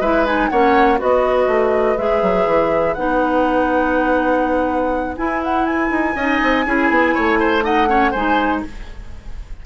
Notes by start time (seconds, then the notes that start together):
0.00 G#3 E4 B4 E5
0.26 D#4 G#5
0.49 A#3 C#4 C#5 F#5
0.98 B3 F#4 B4 D#5
1.47 A3
1.97 G#3 G#4 E5
2.22 F#3
2.46 E3
2.94 B3 D#4 F#5
5.17 E4 G#5
5.44 F#5
5.66 G#5
5.90 D#4
6.15 C#4 D#4 D#5
6.43 C4
6.66 C#4 E4 G#4
6.90 B3
7.14 A3 C#5
7.40 C5
7.62 D#4 D#5 F#5
7.87 C#4 C#5
8.11 G#3 D#4 C5 G#5